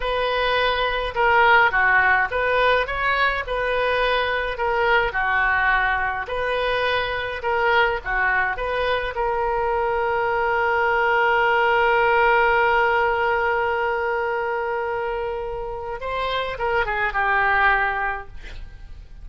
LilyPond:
\new Staff \with { instrumentName = "oboe" } { \time 4/4 \tempo 4 = 105 b'2 ais'4 fis'4 | b'4 cis''4 b'2 | ais'4 fis'2 b'4~ | b'4 ais'4 fis'4 b'4 |
ais'1~ | ais'1~ | ais'1 | c''4 ais'8 gis'8 g'2 | }